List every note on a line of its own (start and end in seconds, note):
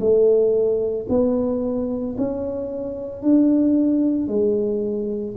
0.00 1.07 A3
1.10 2.17 B3
2.19 3.23 C#4
3.23 4.28 D4
4.28 5.35 G#3